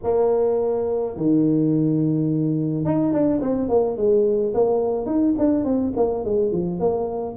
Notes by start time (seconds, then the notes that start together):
0.03 A#3
1.16 D#3
2.85 D#4
3.12 D4
3.41 C4
3.68 A#3
3.96 G#3
4.54 A#3
5.06 D#4
5.38 D4
5.64 C4
5.96 A#3
6.24 G#3
6.51 F3
6.79 A#3